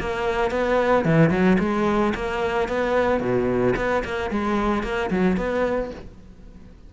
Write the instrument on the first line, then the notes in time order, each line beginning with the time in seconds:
cello
0.00 A#3
0.51 B3
1.05 E3
1.30 F#3
1.59 G#3
2.15 A#3
2.68 B3
3.20 B2
3.76 B3
4.04 A#3
4.30 G#3
4.83 A#3
5.11 F#3
5.37 B3